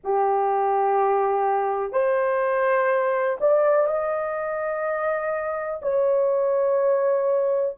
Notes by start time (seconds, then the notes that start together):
0.04 G4
1.92 C5
3.40 D5
3.86 D#5
5.82 C#5